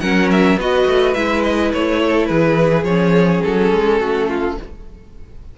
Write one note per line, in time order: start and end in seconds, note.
0.00 0.56 F#3
0.00 0.57 C#4
0.00 0.59 A#4
0.00 0.29 F#5
0.31 0.59 E5
0.56 0.85 B3
0.56 1.15 F#4
0.56 2.02 B4
0.56 1.14 D#5
0.86 1.15 A3
1.14 1.72 G#3
1.14 2.86 E4
1.14 1.42 E5
1.43 1.72 D#5
1.73 2.30 A3
1.73 2.26 C#5
2.02 2.29 A4
2.26 2.84 E3
2.26 3.99 G#4
2.26 2.83 B4
2.84 3.41 F3
2.84 4.58 C#4
2.84 3.42 C#5
3.43 3.72 F#3
3.43 4.57 A4
3.72 4.00 G#3
3.99 4.57 A3
3.99 4.27 F#4
4.28 4.57 F4